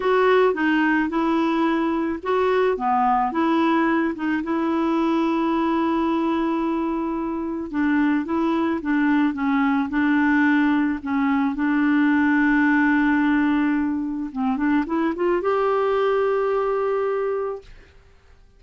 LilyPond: \new Staff \with { instrumentName = "clarinet" } { \time 4/4 \tempo 4 = 109 fis'4 dis'4 e'2 | fis'4 b4 e'4. dis'8 | e'1~ | e'2 d'4 e'4 |
d'4 cis'4 d'2 | cis'4 d'2.~ | d'2 c'8 d'8 e'8 f'8 | g'1 | }